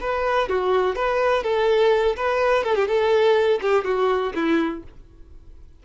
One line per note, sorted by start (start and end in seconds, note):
0.00 0.48 B4
0.48 0.95 F#4
0.95 1.43 B4
1.43 2.16 A4
2.16 2.63 B4
2.63 2.75 A4
2.75 2.87 G4
2.87 3.60 A4
3.61 3.84 G4
3.84 4.33 F#4
4.34 4.83 E4